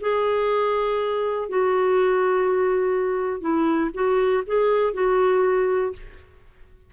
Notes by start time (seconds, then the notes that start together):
0.00 G#4
1.49 F#4
3.40 E4
3.94 F#4
4.46 G#4
4.93 F#4